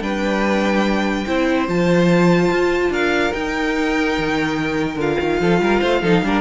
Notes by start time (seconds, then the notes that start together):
0.00 G3 D4 B4 G5
1.26 C4 E4 C5
1.68 F3 F4 A5
2.51 F4
2.89 D4 A#4 F5
3.32 D#4 G5
4.17 D#3
4.96 D3 F4 F5
5.20 D#3
5.40 F3 A4
5.60 G3 A#4
5.80 A3 C5
6.02 F3 D#4 A4
6.22 G3 D4 A#4